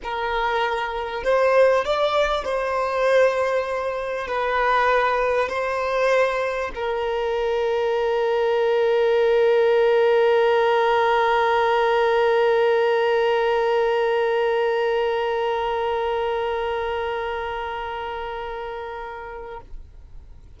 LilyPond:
\new Staff \with { instrumentName = "violin" } { \time 4/4 \tempo 4 = 98 ais'2 c''4 d''4 | c''2. b'4~ | b'4 c''2 ais'4~ | ais'1~ |
ais'1~ | ais'1~ | ais'1~ | ais'1 | }